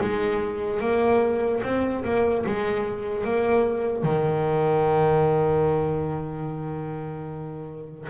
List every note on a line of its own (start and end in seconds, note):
0.00 0.80 G#3
0.80 1.61 A#3
1.63 2.03 C4
2.04 2.44 A#3
2.45 3.24 G#3
3.24 4.02 A#3
4.02 8.08 D#3